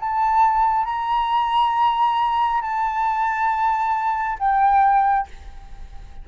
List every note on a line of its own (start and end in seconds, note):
0.00 0.85 A5
0.85 2.61 A#5
2.61 4.38 A5
4.39 5.27 G5